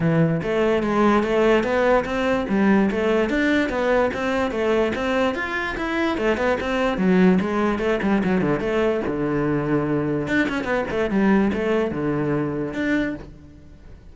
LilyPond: \new Staff \with { instrumentName = "cello" } { \time 4/4 \tempo 4 = 146 e4 a4 gis4 a4 | b4 c'4 g4 a4 | d'4 b4 c'4 a4 | c'4 f'4 e'4 a8 b8 |
c'4 fis4 gis4 a8 g8 | fis8 d8 a4 d2~ | d4 d'8 cis'8 b8 a8 g4 | a4 d2 d'4 | }